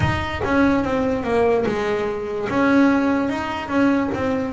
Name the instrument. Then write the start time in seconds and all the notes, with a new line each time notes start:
double bass
0.00 D#4
0.44 C#4
0.84 C4
1.23 A#3
1.66 G#3
2.49 C#4
3.29 D#4
3.68 C#4
4.14 C4